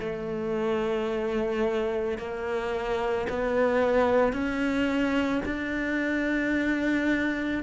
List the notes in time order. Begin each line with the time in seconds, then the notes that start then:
0.00 A3
2.18 A#3
3.29 B3
4.33 C#4
5.45 D4